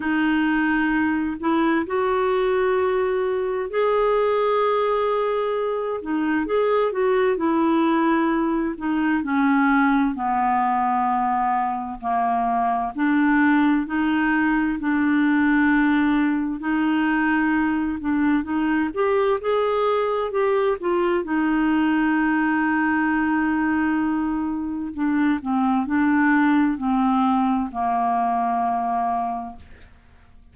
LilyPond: \new Staff \with { instrumentName = "clarinet" } { \time 4/4 \tempo 4 = 65 dis'4. e'8 fis'2 | gis'2~ gis'8 dis'8 gis'8 fis'8 | e'4. dis'8 cis'4 b4~ | b4 ais4 d'4 dis'4 |
d'2 dis'4. d'8 | dis'8 g'8 gis'4 g'8 f'8 dis'4~ | dis'2. d'8 c'8 | d'4 c'4 ais2 | }